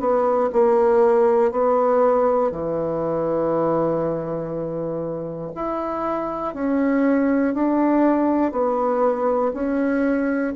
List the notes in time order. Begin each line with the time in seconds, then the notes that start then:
0.00 B3
0.53 A#3
1.52 B3
2.51 E3
5.55 E4
6.54 C#4
7.54 D4
8.52 B3
9.54 C#4